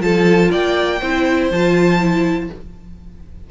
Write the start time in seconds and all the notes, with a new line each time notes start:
0.00 F3 F4 A4 A5
0.51 A#3 D5 G5
1.01 C4 E4 C5
1.51 F3 F4 A5
2.01 E4